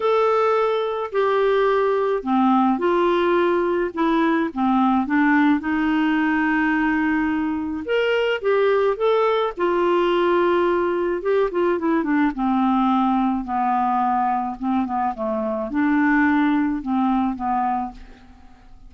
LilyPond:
\new Staff \with { instrumentName = "clarinet" } { \time 4/4 \tempo 4 = 107 a'2 g'2 | c'4 f'2 e'4 | c'4 d'4 dis'2~ | dis'2 ais'4 g'4 |
a'4 f'2. | g'8 f'8 e'8 d'8 c'2 | b2 c'8 b8 a4 | d'2 c'4 b4 | }